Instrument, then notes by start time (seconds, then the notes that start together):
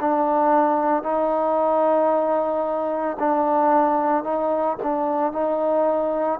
trombone
0.00 D4
1.02 D#4
3.19 D4
4.23 D#4
4.83 D4
5.32 D#4